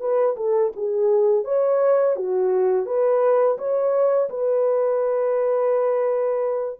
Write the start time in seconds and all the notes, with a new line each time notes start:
0.00 B4
0.37 A4
0.76 G#4
1.44 C#5
2.16 F#4
2.86 B4
3.58 C#5
4.30 B4